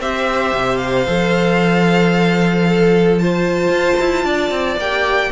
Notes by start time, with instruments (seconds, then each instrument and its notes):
0.00 cello C4, viola G4, violin C5 E5
0.54 cello C3
0.78 violin F5
1.07 cello F3, viola A4
2.69 violin A4
3.19 viola F4, violin C5 A5
3.68 cello F4
4.00 cello E4
4.24 cello D4, violin D5
4.51 cello C4
4.77 cello A#3, viola G4, violin G5